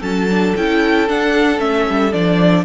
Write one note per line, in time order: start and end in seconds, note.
0.00 0.54 F#3
0.00 0.28 C#4
0.00 2.63 A4
0.00 0.55 A5
0.30 0.57 D4
0.57 1.09 C#4
0.57 1.08 E4
0.57 1.09 G5
1.08 1.58 D4
1.08 1.59 D4
1.08 1.60 F#5
1.58 1.86 A3
1.58 2.11 C#4
1.58 2.13 E5
1.89 2.13 G3
2.12 2.65 F3
2.12 2.65 D4
2.12 2.65 D5